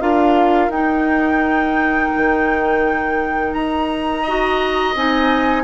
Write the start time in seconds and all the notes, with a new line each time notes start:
0.00 D4 F4 A#4 F5
0.68 D#4 G5
2.15 D#3
3.52 D#4 A#5
4.22 F#4 D#5
4.94 C4 D#4 G#5